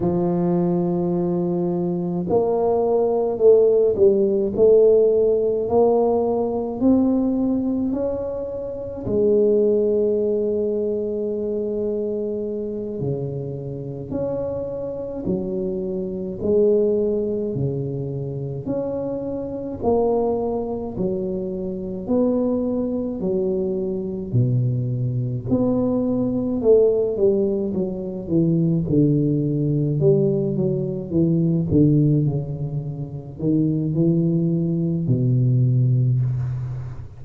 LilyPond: \new Staff \with { instrumentName = "tuba" } { \time 4/4 \tempo 4 = 53 f2 ais4 a8 g8 | a4 ais4 c'4 cis'4 | gis2.~ gis8 cis8~ | cis8 cis'4 fis4 gis4 cis8~ |
cis8 cis'4 ais4 fis4 b8~ | b8 fis4 b,4 b4 a8 | g8 fis8 e8 d4 g8 fis8 e8 | d8 cis4 dis8 e4 b,4 | }